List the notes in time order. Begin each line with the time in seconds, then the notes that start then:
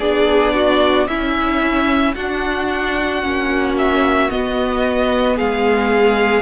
0.00 B3 D4 G#4 D5
0.54 F#4
1.07 C#4 E4 E5
2.15 D4 F#4 F#5
3.22 A#3 C#4
3.78 E5
4.30 B3 D#5
5.36 G#3 G#4 F5